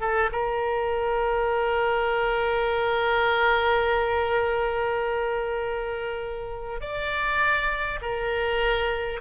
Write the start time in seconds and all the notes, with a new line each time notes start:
0.00 A4
0.32 A#4
6.80 D5
8.01 A#4